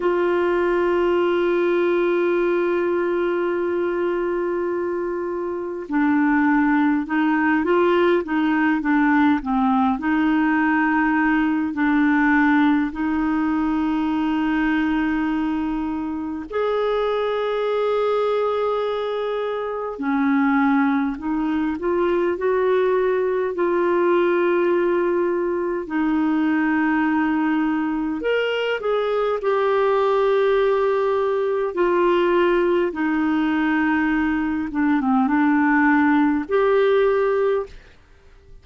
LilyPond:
\new Staff \with { instrumentName = "clarinet" } { \time 4/4 \tempo 4 = 51 f'1~ | f'4 d'4 dis'8 f'8 dis'8 d'8 | c'8 dis'4. d'4 dis'4~ | dis'2 gis'2~ |
gis'4 cis'4 dis'8 f'8 fis'4 | f'2 dis'2 | ais'8 gis'8 g'2 f'4 | dis'4. d'16 c'16 d'4 g'4 | }